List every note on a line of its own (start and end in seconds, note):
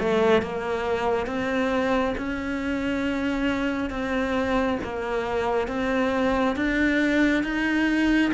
0.00 0.42 A3
0.42 1.27 A#3
1.27 2.15 C4
2.17 3.91 C#4
3.91 4.79 C4
4.83 5.68 A#3
5.68 6.56 C4
6.56 7.44 D4
7.44 8.32 D#4